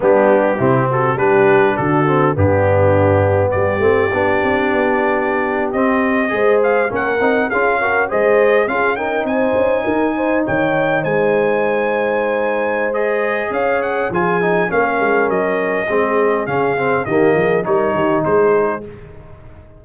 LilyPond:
<<
  \new Staff \with { instrumentName = "trumpet" } { \time 4/4 \tempo 4 = 102 g'4. a'8 b'4 a'4 | g'2 d''2~ | d''4.~ d''16 dis''4. f''8 fis''16~ | fis''8. f''4 dis''4 f''8 g''8 gis''16~ |
gis''4.~ gis''16 g''4 gis''4~ gis''16~ | gis''2 dis''4 f''8 fis''8 | gis''4 f''4 dis''2 | f''4 dis''4 cis''4 c''4 | }
  \new Staff \with { instrumentName = "horn" } { \time 4/4 d'4 e'8 fis'8 g'4 fis'4 | d'2 g'2~ | g'2~ g'8. c''4 ais'16~ | ais'8. gis'8 ais'8 c''4 gis'8 ais'8 c''16~ |
c''8. ais'8 c''8 cis''4 c''4~ c''16~ | c''2. cis''4 | gis'4 ais'2 gis'4~ | gis'4 g'8 gis'8 ais'8 g'8 gis'4 | }
  \new Staff \with { instrumentName = "trombone" } { \time 4/4 b4 c'4 d'4. c'8 | b2~ b8 c'8 d'4~ | d'4.~ d'16 c'4 gis'4 cis'16~ | cis'16 dis'8 f'8 fis'8 gis'4 f'8 dis'8.~ |
dis'1~ | dis'2 gis'2 | f'8 dis'8 cis'2 c'4 | cis'8 c'8 ais4 dis'2 | }
  \new Staff \with { instrumentName = "tuba" } { \time 4/4 g4 c4 g4 d4 | g,2 g8 a8 b8 c'8 | b4.~ b16 c'4 gis4 ais16~ | ais16 c'8 cis'4 gis4 cis'4 c'16~ |
c'16 cis'8 dis'4 dis4 gis4~ gis16~ | gis2. cis'4 | f4 ais8 gis8 fis4 gis4 | cis4 dis8 f8 g8 dis8 gis4 | }
>>